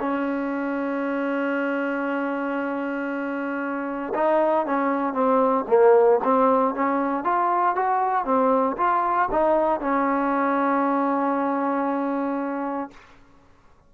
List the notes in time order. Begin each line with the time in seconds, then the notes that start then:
0.00 C#4
4.15 D#4
4.66 C#4
5.13 C4
5.68 A#3
6.24 C4
6.75 C#4
7.24 F4
7.76 F#4
8.25 C4
8.77 F4
9.32 D#4
9.80 C#4